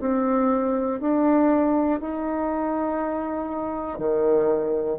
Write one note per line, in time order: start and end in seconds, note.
0.00 1.00 C4
1.00 2.00 D4
2.00 3.98 D#4
3.98 4.98 D#3